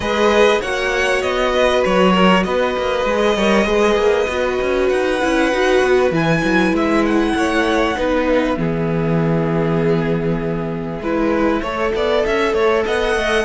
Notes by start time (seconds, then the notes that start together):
0.00 G#3 G#4 B4 D#5
0.61 A#3 F#4 C#5 F#5
1.22 B3 D#5
1.54 B4
1.85 F#3 C#5
2.12 A#4
2.43 B3 B4 D#5
2.77 A#3
3.05 G#3 G#4
3.36 G3 A#4 C#5
3.65 G#3 G#4 B4
3.96 A#3
4.27 B3 F#4
4.61 C#4
4.89 D#4 F#5
5.22 C#4 E4
5.53 D#4 F#4
5.82 B3
6.11 E3 E4 G#5
6.44 F#3
6.72 G#3 E5
7.05 F#5
7.35 A3 C#5
7.95 B3 D#4 B4
8.27 E5
8.56 E3 B3 G#4
11.00 G#3 E4 B4
11.61 A3 A4 C#5
11.94 B3 D5
12.26 C#4 E5
12.53 A3 C#5
12.85 B3 D#5 F#5
13.15 A3